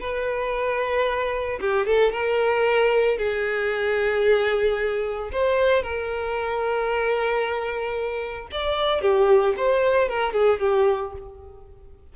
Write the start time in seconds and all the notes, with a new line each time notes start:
0.00 B4
1.60 G4
1.86 A4
2.12 A#4
3.18 G#4
5.32 C5
5.83 A#4
8.51 D5
9.01 G4
9.57 C5
10.08 A#4
10.33 G#4
10.60 G4